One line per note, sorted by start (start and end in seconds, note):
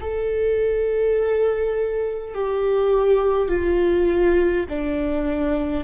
0.00 2.34 A4
2.34 3.48 G4
3.48 4.66 F4
4.68 5.84 D4